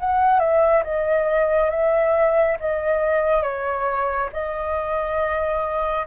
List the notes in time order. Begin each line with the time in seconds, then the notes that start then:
0.00 F#5
0.40 E5
0.84 D#5
1.71 E5
2.60 D#5
3.43 C#5
4.33 D#5